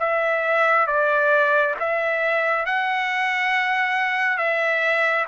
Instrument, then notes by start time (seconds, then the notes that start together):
trumpet
0.00 E5
0.87 D5
1.80 E5
2.66 F#5
4.38 E5